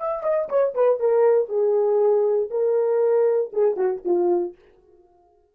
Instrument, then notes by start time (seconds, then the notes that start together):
horn
0.00 E5
0.24 D#5
0.49 C#5
0.74 B4
1.00 A#4
1.49 G#4
2.51 A#4
3.53 G#4
3.77 F#4
4.05 F4